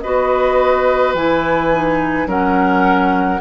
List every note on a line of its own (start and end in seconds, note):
0.00 1.14 B3
0.00 1.17 F#4
0.00 2.28 B4
0.00 1.13 D#5
1.14 2.26 E3
1.14 1.73 E4
1.14 2.28 G#5
1.73 2.27 D#4
2.26 3.39 F#3
2.26 3.40 C#4
2.26 3.40 A#4
2.26 3.40 F#5